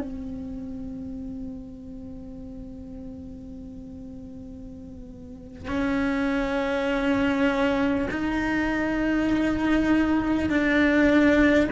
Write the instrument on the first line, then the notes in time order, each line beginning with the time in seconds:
cello
0.00 C4
5.67 C#4
8.10 D#4
10.49 D4